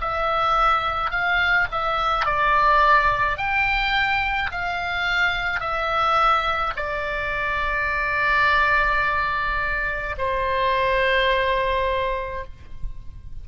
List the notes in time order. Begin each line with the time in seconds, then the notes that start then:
0.00 E5
1.10 F5
1.71 E5
2.25 D5
3.37 G5
4.51 F5
5.60 E5
6.76 D5
10.17 C5